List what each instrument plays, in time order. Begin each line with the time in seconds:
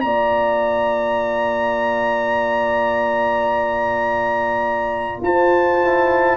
0.00 tuba A#3, trombone F4, horn D5, trumpet A#5
5.22 tuba F4, horn C5, trumpet A5
5.82 trombone E4